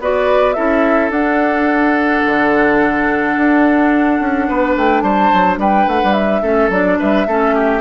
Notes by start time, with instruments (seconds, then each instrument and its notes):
0.00 bassoon B3, clarinet F#4, oboe B4, flute D5
0.54 bassoon C#4, clarinet E4, oboe A4, flute E5
1.10 bassoon D4, clarinet D4, flute F#5
2.26 bassoon D3
3.37 bassoon D4
4.20 bassoon C#4
4.48 bassoon B3, oboe B4
4.76 bassoon A3, flute G5
5.01 bassoon G3, oboe C5, flute A5
5.34 bassoon F#3
5.58 bassoon G3, oboe B4, flute G5
5.88 bassoon A3, flute F#5
6.04 bassoon G3
6.13 flute E5
6.42 bassoon A3, clarinet C#4, oboe A4
6.70 bassoon F#3, clarinet D4, flute D5
6.99 bassoon G3, oboe B4, flute E5
7.27 bassoon A3, clarinet C#4, oboe A4
7.55 oboe G4